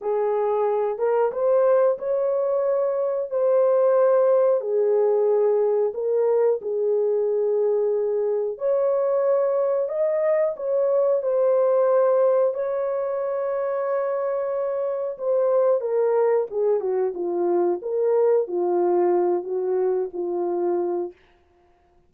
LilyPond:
\new Staff \with { instrumentName = "horn" } { \time 4/4 \tempo 4 = 91 gis'4. ais'8 c''4 cis''4~ | cis''4 c''2 gis'4~ | gis'4 ais'4 gis'2~ | gis'4 cis''2 dis''4 |
cis''4 c''2 cis''4~ | cis''2. c''4 | ais'4 gis'8 fis'8 f'4 ais'4 | f'4. fis'4 f'4. | }